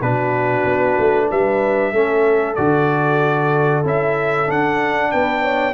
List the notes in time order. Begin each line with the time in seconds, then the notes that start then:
0.00 B2 D4 F#4 B4
0.65 B3
0.98 A3
1.29 G3 B4 E5
1.92 A3 C#4 A4
2.55 D3 F#4 D5
3.84 C#4 E4 E5
4.45 D4 F#5
5.11 B3 B4 G5
5.42 C#5